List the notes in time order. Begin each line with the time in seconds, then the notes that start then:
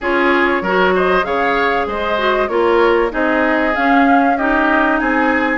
0.00 C#4 F4 G#4 C#5
0.61 F#3 F#4 A#4
0.95 C5 D#5
1.22 C#3 G#4 C#5 F5
1.86 G#3 C5 D#5
2.17 F#4
2.48 A#3 F4 A#4 C#5
3.10 C4 D#4 G#4 D#5
3.75 C#4 F5
4.37 D#4 G4 D#5
4.98 C4 G#4 G#5